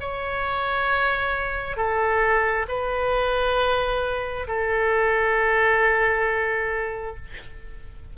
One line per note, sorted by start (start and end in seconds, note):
0.00 1.76 C#5
1.76 2.66 A4
2.68 4.47 B4
4.47 7.16 A4